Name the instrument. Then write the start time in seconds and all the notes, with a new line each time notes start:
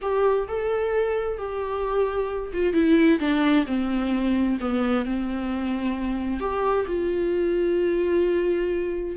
viola
0.01 G4
0.47 A4
1.37 G4
2.53 F4
2.73 E4
3.19 D4
3.66 C4
4.60 B3
5.05 C4
6.40 G4
6.87 F4